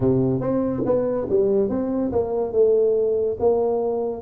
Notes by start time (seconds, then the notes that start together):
0.00 C3
0.40 C4
0.85 B3
1.29 G3
1.69 C4
2.12 A#3
2.52 A3
3.39 A#3